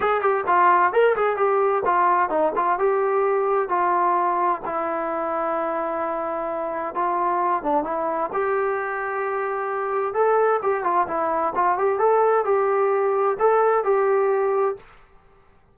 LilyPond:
\new Staff \with { instrumentName = "trombone" } { \time 4/4 \tempo 4 = 130 gis'8 g'8 f'4 ais'8 gis'8 g'4 | f'4 dis'8 f'8 g'2 | f'2 e'2~ | e'2. f'4~ |
f'8 d'8 e'4 g'2~ | g'2 a'4 g'8 f'8 | e'4 f'8 g'8 a'4 g'4~ | g'4 a'4 g'2 | }